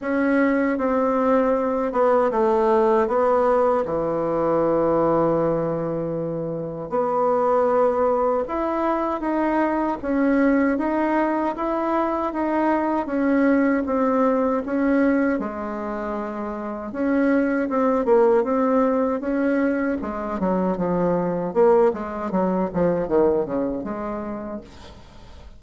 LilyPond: \new Staff \with { instrumentName = "bassoon" } { \time 4/4 \tempo 4 = 78 cis'4 c'4. b8 a4 | b4 e2.~ | e4 b2 e'4 | dis'4 cis'4 dis'4 e'4 |
dis'4 cis'4 c'4 cis'4 | gis2 cis'4 c'8 ais8 | c'4 cis'4 gis8 fis8 f4 | ais8 gis8 fis8 f8 dis8 cis8 gis4 | }